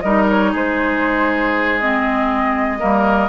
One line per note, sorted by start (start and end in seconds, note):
0.00 0.54 G3
0.00 1.81 D#4
0.00 0.51 A#4
0.00 0.25 D#5
0.29 0.54 C#5
0.51 2.81 G#3
0.51 2.78 G#4
0.51 1.80 C5
1.80 2.79 C4
1.80 3.29 D#5
2.79 3.29 G3
2.79 3.29 A#3
2.79 3.29 A#4